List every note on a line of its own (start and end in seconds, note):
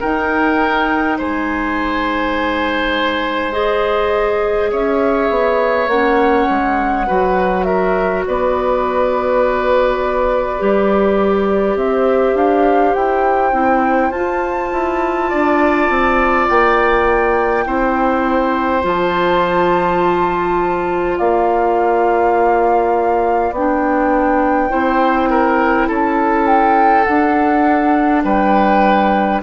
0.00 3.52 D#4
0.00 1.20 D#4
0.00 1.18 A#4
0.00 1.18 G5
1.18 4.72 G#3
1.18 4.71 C5
1.18 3.52 G#5
3.52 5.87 G#4
3.52 4.70 D#5
4.71 5.29 C#4
4.71 7.07 C#5
4.71 5.89 E5
5.29 5.87 B3
5.87 6.46 A#3
5.87 7.06 C#4
5.87 7.63 F#5
6.50 7.08 G#3
7.06 8.26 F#3
7.06 10.59 F#4
7.06 7.66 B4
7.63 8.25 A#4
7.63 8.22 E5
8.26 10.61 B3
8.26 11.78 B4
8.26 11.78 D5
10.59 11.75 G3
10.59 13.52 G4
11.75 12.34 C4
11.75 15.29 C5
11.75 12.37 E5
12.35 12.93 D4
12.35 12.94 F5
12.94 13.52 E4
12.94 14.11 G5
13.52 14.11 C4
13.52 14.11 E4
14.11 14.69 F4
14.11 17.66 F4
14.11 16.47 A5
14.72 15.31 E4
15.29 15.89 D4
15.29 17.64 D5
15.89 16.48 C4
16.49 17.66 A#3
16.49 18.84 G5
17.66 18.84 C4
17.66 18.82 E4
17.66 21.18 C5
18.82 21.19 F3
18.82 23.53 F4
18.82 21.18 A5
21.18 23.51 A#3
21.18 24.70 D5
21.18 23.53 F5
23.51 24.69 B3
23.51 24.69 D4
23.51 25.89 G5
24.69 25.89 C4
24.69 27.05 E4
24.69 25.29 C5
25.30 25.87 A#4
25.87 27.07 C#4
25.87 28.23 A4
25.87 26.47 A5
26.47 27.04 G5
27.04 28.24 D4
27.04 29.43 D4
27.04 28.22 F#5
28.24 29.42 G3
28.24 29.42 B4
28.24 29.42 G5